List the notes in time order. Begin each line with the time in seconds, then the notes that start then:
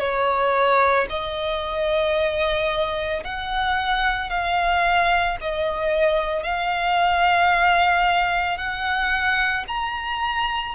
0.00 C#5
1.10 D#5
3.24 F#5
4.30 F5
5.41 D#5
6.43 F5
8.58 F#5
9.68 A#5